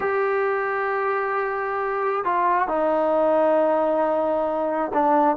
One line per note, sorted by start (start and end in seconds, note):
0.00 2.24 G4
2.24 2.67 F4
2.67 4.91 D#4
4.93 5.36 D4